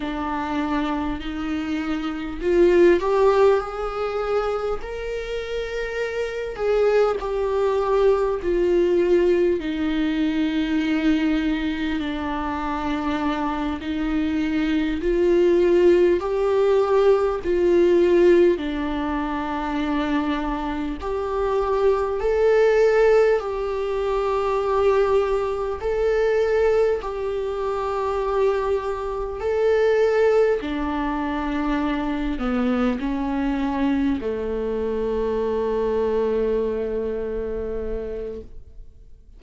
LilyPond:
\new Staff \with { instrumentName = "viola" } { \time 4/4 \tempo 4 = 50 d'4 dis'4 f'8 g'8 gis'4 | ais'4. gis'8 g'4 f'4 | dis'2 d'4. dis'8~ | dis'8 f'4 g'4 f'4 d'8~ |
d'4. g'4 a'4 g'8~ | g'4. a'4 g'4.~ | g'8 a'4 d'4. b8 cis'8~ | cis'8 a2.~ a8 | }